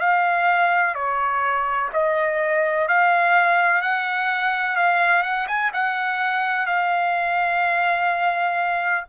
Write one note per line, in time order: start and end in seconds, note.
0.00 0.95 F5
0.95 1.90 C#5
1.93 2.88 D#5
2.88 3.81 F5
3.81 4.76 F#5
4.76 5.23 F5
5.23 5.46 F#5
5.47 5.71 G#5
5.73 6.66 F#5
6.66 9.04 F5